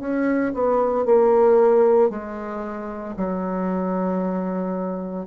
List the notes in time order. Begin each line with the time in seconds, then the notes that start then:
0.00 C#4
0.54 B3
1.05 A#3
2.10 G#3
3.17 F#3